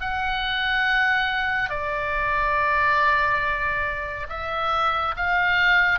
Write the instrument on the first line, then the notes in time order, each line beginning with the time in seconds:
oboe
0.00 F#5
1.69 D5
4.29 E5
5.16 F5